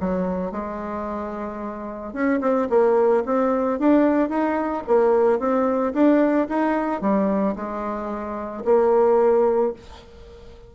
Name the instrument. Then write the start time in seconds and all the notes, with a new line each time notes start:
bassoon
0.00 F#3
0.52 G#3
2.13 C#4
2.41 C4
2.70 A#3
3.26 C4
3.79 D4
4.29 D#4
4.87 A#3
5.39 C4
5.94 D4
6.49 D#4
7.01 G3
7.56 G#3
8.65 A#3